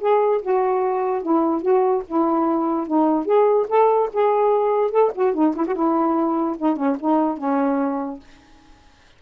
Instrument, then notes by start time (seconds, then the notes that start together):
saxophone
0.00 G#4
0.42 F#4
1.22 E4
1.62 F#4
2.07 E4
2.87 D#4
3.25 G#4
3.68 A4
4.13 G#4
4.91 A4
5.15 F#4
5.34 D#4
5.56 E4
5.67 F#4
5.75 E4
6.58 D#4
6.76 C#4
7.00 D#4
7.37 C#4